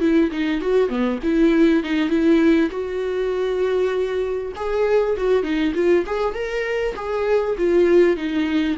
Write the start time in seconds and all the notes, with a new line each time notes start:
0.00 E4
0.31 D#4
0.61 F#4
0.88 B3
1.23 E4
1.83 D#4
2.09 E4
2.71 F#4
4.55 G#4
5.17 F#4
5.43 D#4
5.74 F4
6.06 G#4
6.34 A#4
6.95 G#4
7.58 F4
8.16 D#4